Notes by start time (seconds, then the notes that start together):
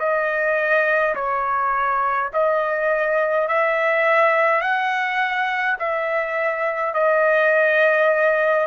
0.00 D#5
1.16 C#5
2.34 D#5
3.49 E5
4.62 F#5
5.80 E5
6.94 D#5